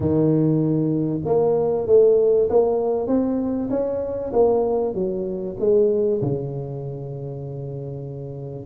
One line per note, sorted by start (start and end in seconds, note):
0.00 1.21 D#3
1.25 1.87 A#3
1.87 2.49 A3
2.49 3.07 A#3
3.07 3.69 C4
3.70 4.32 C#4
4.32 4.94 A#3
4.94 5.56 F#3
5.59 6.21 G#3
6.21 8.65 C#3